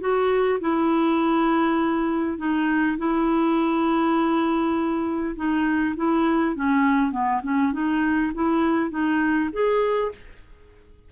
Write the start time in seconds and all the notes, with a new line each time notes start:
0.00 F#4
0.60 E4
2.38 D#4
2.98 E4
5.35 D#4
5.96 E4
6.55 C#4
7.11 B3
7.43 C#4
7.73 D#4
8.34 E4
8.90 D#4
9.52 G#4